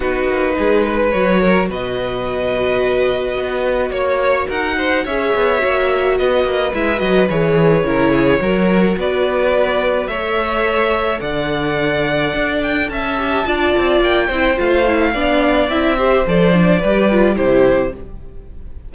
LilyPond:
<<
  \new Staff \with { instrumentName = "violin" } { \time 4/4 \tempo 4 = 107 b'2 cis''4 dis''4~ | dis''2. cis''4 | fis''4 e''2 dis''4 | e''8 dis''8 cis''2. |
d''2 e''2 | fis''2~ fis''8 g''8 a''4~ | a''4 g''4 f''2 | e''4 d''2 c''4 | }
  \new Staff \with { instrumentName = "violin" } { \time 4/4 fis'4 gis'8 b'4 ais'8 b'4~ | b'2. cis''4 | ais'8 c''8 cis''2 b'4~ | b'2 ais'8 gis'8 ais'4 |
b'2 cis''2 | d''2. e''4 | d''4. c''4. d''4~ | d''8 c''4. b'4 g'4 | }
  \new Staff \with { instrumentName = "viola" } { \time 4/4 dis'2 fis'2~ | fis'1~ | fis'4 gis'4 fis'2 | e'8 fis'8 gis'4 e'4 fis'4~ |
fis'2 a'2~ | a'2.~ a'8 g'8 | f'4. e'8 f'8 e'8 d'4 | e'8 g'8 a'8 d'8 g'8 f'8 e'4 | }
  \new Staff \with { instrumentName = "cello" } { \time 4/4 b8 ais8 gis4 fis4 b,4~ | b,2 b4 ais4 | dis'4 cis'8 b8 ais4 b8 ais8 | gis8 fis8 e4 cis4 fis4 |
b2 a2 | d2 d'4 cis'4 | d'8 c'8 ais8 c'8 a4 b4 | c'4 f4 g4 c4 | }
>>